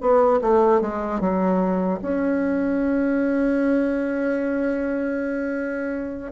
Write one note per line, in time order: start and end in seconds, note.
0.00 0.39 B3
0.41 0.81 A3
0.81 1.20 G#3
1.20 1.99 F#3
2.02 6.32 C#4